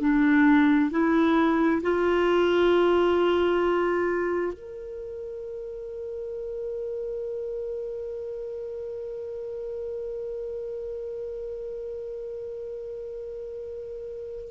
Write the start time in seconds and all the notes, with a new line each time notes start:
0.00 D4
0.90 E4
1.82 F4
4.53 A#4